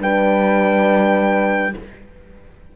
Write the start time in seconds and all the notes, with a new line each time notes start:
0.00 G3 D4 B4 G5